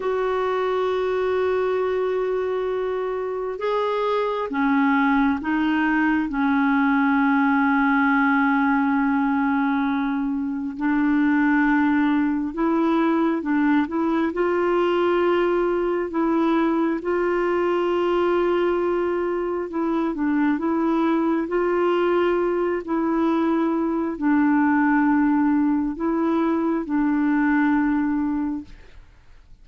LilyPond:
\new Staff \with { instrumentName = "clarinet" } { \time 4/4 \tempo 4 = 67 fis'1 | gis'4 cis'4 dis'4 cis'4~ | cis'1 | d'2 e'4 d'8 e'8 |
f'2 e'4 f'4~ | f'2 e'8 d'8 e'4 | f'4. e'4. d'4~ | d'4 e'4 d'2 | }